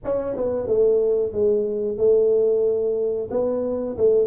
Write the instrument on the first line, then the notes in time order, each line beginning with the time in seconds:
tuba
0.04 C#4
0.36 B3
0.67 A3
1.32 G#3
1.98 A3
3.30 B3
3.97 A3